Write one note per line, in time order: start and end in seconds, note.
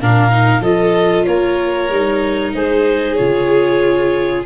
0.00 0.60 A#2
0.00 0.30 D4
0.00 0.61 A#4
0.00 0.63 F5
0.30 0.62 D#4
0.60 1.24 F3
0.60 1.90 F4
0.60 1.25 A4
0.60 1.24 D#5
1.24 1.89 A#3
1.24 2.54 A#4
1.24 2.52 C#5
1.89 2.53 G3
1.89 3.18 D#4
2.54 3.18 G#3
2.54 4.45 G#4
2.54 3.15 C5
3.15 4.45 C#3
3.15 4.45 F4
3.15 4.43 C#5